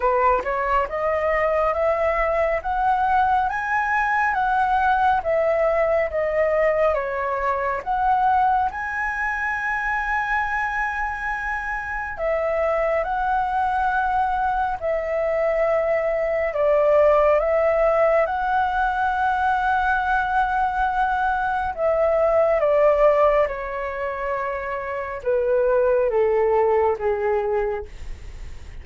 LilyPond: \new Staff \with { instrumentName = "flute" } { \time 4/4 \tempo 4 = 69 b'8 cis''8 dis''4 e''4 fis''4 | gis''4 fis''4 e''4 dis''4 | cis''4 fis''4 gis''2~ | gis''2 e''4 fis''4~ |
fis''4 e''2 d''4 | e''4 fis''2.~ | fis''4 e''4 d''4 cis''4~ | cis''4 b'4 a'4 gis'4 | }